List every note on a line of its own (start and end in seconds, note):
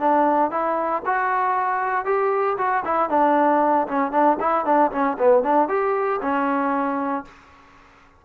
0.00 0.51 D4
0.51 1.03 E4
1.06 2.06 F#4
2.06 2.57 G4
2.58 2.84 F#4
2.85 3.10 E4
3.10 3.88 D4
3.88 4.12 C#4
4.12 4.38 D4
4.40 4.66 E4
4.66 4.92 D4
4.92 5.18 C#4
5.19 5.44 B3
5.44 5.69 D4
5.69 6.20 G4
6.22 7.25 C#4